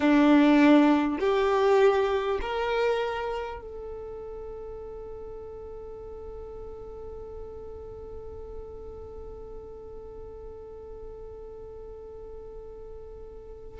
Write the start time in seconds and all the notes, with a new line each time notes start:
0.00 D4
1.19 G4
2.41 A#4
3.61 A4